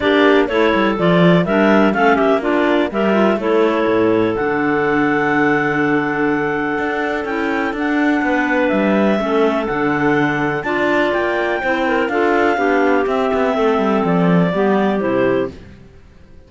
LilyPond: <<
  \new Staff \with { instrumentName = "clarinet" } { \time 4/4 \tempo 4 = 124 d''4 cis''4 d''4 e''4 | f''8 e''8 d''4 e''4 cis''4~ | cis''4 fis''2.~ | fis''2. g''4 |
fis''2 e''2 | fis''2 a''4 g''4~ | g''4 f''2 e''4~ | e''4 d''2 c''4 | }
  \new Staff \with { instrumentName = "clarinet" } { \time 4/4 g'4 a'2 ais'4 | a'8 g'8 f'4 ais'4 a'4~ | a'1~ | a'1~ |
a'4 b'2 a'4~ | a'2 d''2 | c''8 ais'8 a'4 g'2 | a'2 g'2 | }
  \new Staff \with { instrumentName = "clarinet" } { \time 4/4 d'4 e'4 f'4 d'4 | cis'4 d'4 g'8 f'8 e'4~ | e'4 d'2.~ | d'2. e'4 |
d'2. cis'4 | d'2 f'2 | e'4 f'4 d'4 c'4~ | c'2 b4 e'4 | }
  \new Staff \with { instrumentName = "cello" } { \time 4/4 ais4 a8 g8 f4 g4 | a8 ais4. g4 a4 | a,4 d2.~ | d2 d'4 cis'4 |
d'4 b4 g4 a4 | d2 d'4 ais4 | c'4 d'4 b4 c'8 b8 | a8 g8 f4 g4 c4 | }
>>